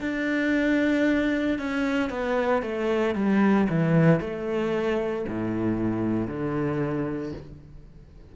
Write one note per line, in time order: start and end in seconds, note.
0.00 1.58 D4
1.58 2.09 C#4
2.09 2.62 B3
2.62 3.14 A3
3.14 3.67 G3
3.69 4.20 E3
4.20 5.25 A3
5.28 6.27 A2
6.27 7.32 D3